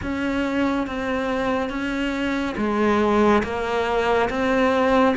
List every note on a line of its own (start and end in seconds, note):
0.02 0.86 C#4
0.86 1.69 C4
1.69 2.55 C#4
2.57 3.42 G#3
3.43 4.29 A#3
4.29 5.15 C4